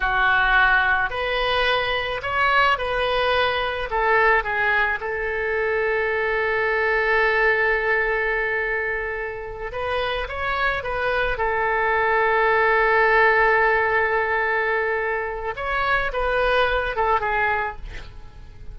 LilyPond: \new Staff \with { instrumentName = "oboe" } { \time 4/4 \tempo 4 = 108 fis'2 b'2 | cis''4 b'2 a'4 | gis'4 a'2.~ | a'1~ |
a'4. b'4 cis''4 b'8~ | b'8 a'2.~ a'8~ | a'1 | cis''4 b'4. a'8 gis'4 | }